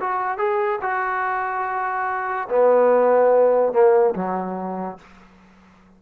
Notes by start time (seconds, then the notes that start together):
0.00 F#4
0.37 G#4
0.81 F#4
2.49 B3
3.72 A#3
4.15 F#3